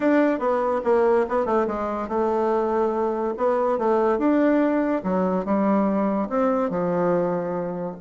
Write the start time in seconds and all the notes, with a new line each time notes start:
0.00 D4
0.39 B3
0.84 A#3
1.29 B3
1.45 A3
1.67 G#3
2.08 A3
3.37 B3
3.78 A3
4.18 D4
5.03 F#3
5.45 G3
6.29 C4
6.69 F3